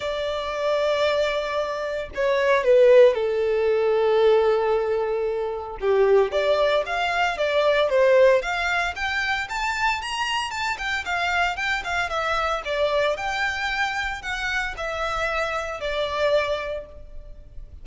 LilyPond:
\new Staff \with { instrumentName = "violin" } { \time 4/4 \tempo 4 = 114 d''1 | cis''4 b'4 a'2~ | a'2. g'4 | d''4 f''4 d''4 c''4 |
f''4 g''4 a''4 ais''4 | a''8 g''8 f''4 g''8 f''8 e''4 | d''4 g''2 fis''4 | e''2 d''2 | }